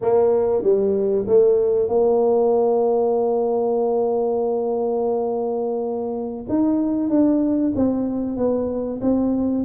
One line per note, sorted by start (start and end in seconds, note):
0.01 0.62 A#3
0.62 1.25 G3
1.27 1.88 A3
1.88 6.46 A#3
6.49 7.09 D#4
7.09 7.72 D4
7.75 8.36 C4
8.36 8.99 B3
9.01 9.64 C4